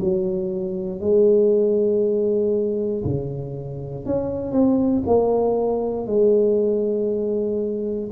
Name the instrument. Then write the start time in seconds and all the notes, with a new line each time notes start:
tuba
0.00 F#3
1.00 G#3
3.04 C#3
4.05 C#4
4.52 C4
5.06 A#3
6.06 G#3